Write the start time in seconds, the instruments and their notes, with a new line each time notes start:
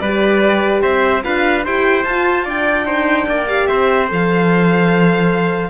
0.00 cello G3, horn G4, trumpet B4, violin D5
0.82 cello C4, trumpet C5, violin E5
1.23 cello D4, horn F4, trumpet B4, violin F5
1.65 cello E4, horn G4, trumpet C5, violin G5
2.04 cello F4, horn F4, violin A5
2.45 horn D4, trumpet D5, violin G5
2.85 cello D#4, trumpet C5
3.28 cello A#3, trumpet D5
3.47 horn G4, violin F5
3.67 cello C4, trumpet C5, violin E5
4.08 cello F3, horn A4, violin F5